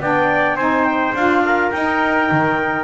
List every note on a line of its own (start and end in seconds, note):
0.00 0.55 B3
0.00 0.58 D4
0.00 0.56 D5
0.00 0.56 G5
0.55 1.12 C4
0.55 1.16 D#4
0.55 1.42 C5
0.55 0.84 G#5
0.84 1.13 G5
1.14 1.71 D4
1.14 1.73 F4
1.14 1.71 F5
1.45 2.84 A#4
1.71 2.30 D#4
1.71 2.84 D#4
1.71 2.84 G5
2.31 2.84 D#3